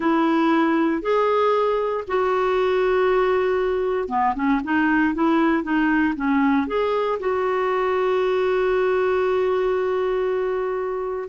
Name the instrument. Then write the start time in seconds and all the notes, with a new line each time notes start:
clarinet
0.00 E4
1.02 G#4
2.07 F#4
4.08 B3
4.34 C#4
4.64 D#4
5.14 E4
5.63 D#4
6.15 C#4
6.67 G#4
7.19 F#4